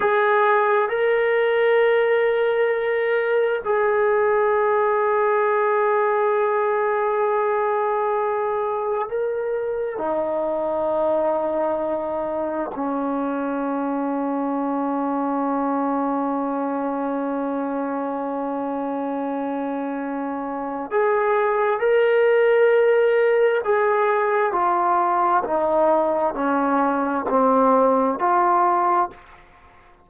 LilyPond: \new Staff \with { instrumentName = "trombone" } { \time 4/4 \tempo 4 = 66 gis'4 ais'2. | gis'1~ | gis'2 ais'4 dis'4~ | dis'2 cis'2~ |
cis'1~ | cis'2. gis'4 | ais'2 gis'4 f'4 | dis'4 cis'4 c'4 f'4 | }